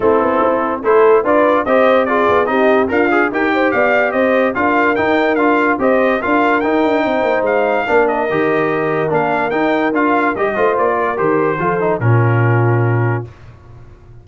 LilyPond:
<<
  \new Staff \with { instrumentName = "trumpet" } { \time 4/4 \tempo 4 = 145 a'2 c''4 d''4 | dis''4 d''4 dis''4 f''4 | g''4 f''4 dis''4 f''4 | g''4 f''4 dis''4 f''4 |
g''2 f''4. dis''8~ | dis''2 f''4 g''4 | f''4 dis''4 d''4 c''4~ | c''4 ais'2. | }
  \new Staff \with { instrumentName = "horn" } { \time 4/4 e'2 a'4 b'4 | c''4 gis'4 g'4 f'4 | ais'8 c''8 d''4 c''4 ais'4~ | ais'2 c''4 ais'4~ |
ais'4 c''2 ais'4~ | ais'1~ | ais'4. c''4 ais'4. | a'4 f'2. | }
  \new Staff \with { instrumentName = "trombone" } { \time 4/4 c'2 e'4 f'4 | g'4 f'4 dis'4 ais'8 gis'8 | g'2. f'4 | dis'4 f'4 g'4 f'4 |
dis'2. d'4 | g'2 d'4 dis'4 | f'4 g'8 f'4. g'4 | f'8 dis'8 cis'2. | }
  \new Staff \with { instrumentName = "tuba" } { \time 4/4 a8 b8 c'4 a4 d'4 | c'4. b8 c'4 d'4 | dis'4 b4 c'4 d'4 | dis'4 d'4 c'4 d'4 |
dis'8 d'8 c'8 ais8 gis4 ais4 | dis2 ais4 dis'4 | d'4 g8 a8 ais4 dis4 | f4 ais,2. | }
>>